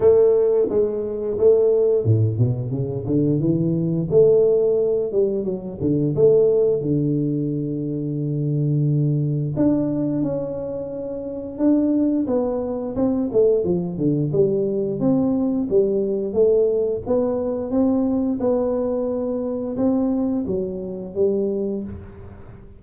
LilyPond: \new Staff \with { instrumentName = "tuba" } { \time 4/4 \tempo 4 = 88 a4 gis4 a4 a,8 b,8 | cis8 d8 e4 a4. g8 | fis8 d8 a4 d2~ | d2 d'4 cis'4~ |
cis'4 d'4 b4 c'8 a8 | f8 d8 g4 c'4 g4 | a4 b4 c'4 b4~ | b4 c'4 fis4 g4 | }